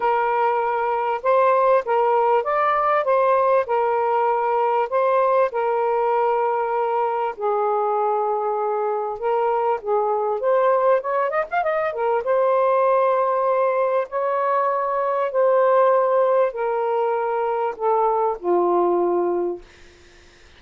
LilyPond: \new Staff \with { instrumentName = "saxophone" } { \time 4/4 \tempo 4 = 98 ais'2 c''4 ais'4 | d''4 c''4 ais'2 | c''4 ais'2. | gis'2. ais'4 |
gis'4 c''4 cis''8 dis''16 f''16 dis''8 ais'8 | c''2. cis''4~ | cis''4 c''2 ais'4~ | ais'4 a'4 f'2 | }